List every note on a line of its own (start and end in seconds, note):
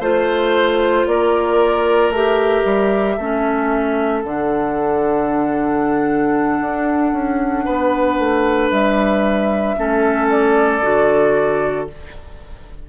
0.00 1.05 A3
0.00 2.13 F4
0.00 1.06 C5
0.00 1.08 C5
1.07 2.10 A#3
1.07 3.17 A#4
1.07 2.13 D5
2.10 2.63 A3
2.10 3.20 G4
2.10 4.23 E5
2.65 3.18 G3
3.17 4.24 A3
3.17 4.24 C#4
3.17 7.64 A4
4.23 6.61 D3
4.23 9.77 D4
4.23 8.70 F#5
6.61 7.13 D4
7.13 7.65 C#4
7.65 8.19 B3
7.65 9.76 B4
8.19 8.71 A3
8.71 9.77 G3
8.71 10.29 E5
9.78 10.82 A3
9.78 10.83 C#4
9.78 11.90 A4
10.30 11.87 D5
10.82 11.88 D3
10.82 11.88 F#4